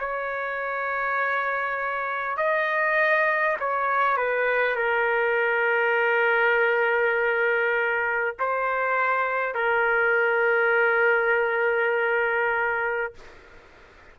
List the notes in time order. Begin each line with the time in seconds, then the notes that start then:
0.00 C#5
2.38 D#5
3.60 C#5
4.17 B4
4.76 A#4
8.40 C5
9.55 A#4